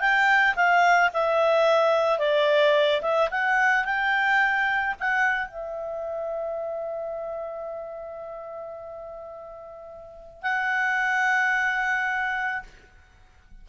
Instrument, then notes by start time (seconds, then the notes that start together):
clarinet
0.00 G5
0.56 F5
1.14 E5
2.19 D5
3.02 E5
3.31 F#5
3.85 G5
5.00 F#5
5.48 E5
10.43 F#5